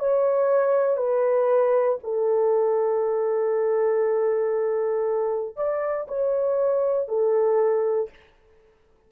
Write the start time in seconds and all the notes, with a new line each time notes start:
0.00 C#5
0.98 B4
2.04 A4
5.57 D5
6.08 C#5
7.09 A4